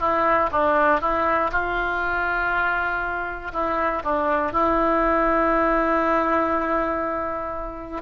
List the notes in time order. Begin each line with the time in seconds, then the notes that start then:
0.00 E4
0.52 D4
1.01 E4
1.52 F4
3.53 E4
4.04 D4
4.52 E4